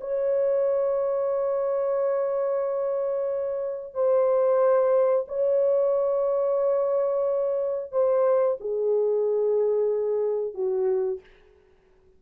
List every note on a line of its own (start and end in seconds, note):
0.00 3.94 C#5
3.94 5.26 C5
5.27 7.91 C#5
7.92 8.57 C5
8.60 10.54 G#4
10.54 11.20 F#4